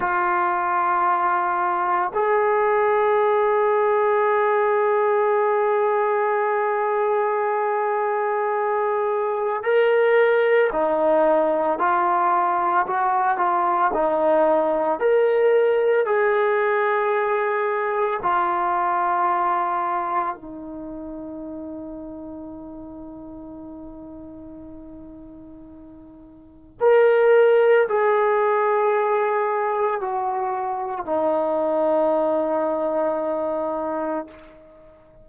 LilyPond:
\new Staff \with { instrumentName = "trombone" } { \time 4/4 \tempo 4 = 56 f'2 gis'2~ | gis'1~ | gis'4 ais'4 dis'4 f'4 | fis'8 f'8 dis'4 ais'4 gis'4~ |
gis'4 f'2 dis'4~ | dis'1~ | dis'4 ais'4 gis'2 | fis'4 dis'2. | }